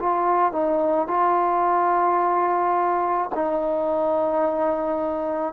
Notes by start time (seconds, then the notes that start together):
0.00 F4
0.53 D#4
1.08 F4
3.35 D#4